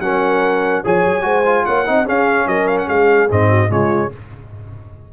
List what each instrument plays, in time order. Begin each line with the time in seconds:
0.00 tuba F#3, trombone C#4, horn A#4, trumpet F#5
0.84 tuba F3, trombone G#4, horn C#5, trumpet G#5
1.06 tuba F#3
1.22 tuba G#3, trombone F#4, horn C5
1.46 trombone F4
1.66 tuba A#3, horn C#5, trumpet F#5
1.86 tuba C4, trombone D#4, horn D#5
2.06 trombone C#4, tuba C#4, horn G#4, trumpet F5
2.47 tuba F#3, horn A#4, trumpet D#5
2.68 trumpet F5
2.79 trumpet F#5
2.88 tuba G#3, horn G#4, trumpet F5
3.30 tuba G#2, trombone C4, trumpet D#5
3.49 horn F#4
3.69 tuba C#3, trombone G#3, horn F4, trumpet C#5